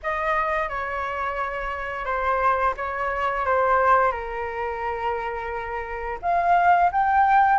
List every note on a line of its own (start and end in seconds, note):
0.03 0.68 D#5
0.68 2.05 C#5
2.05 2.74 C5
2.76 3.45 C#5
3.45 4.11 C5
4.11 6.18 A#4
6.22 6.91 F5
6.92 7.59 G5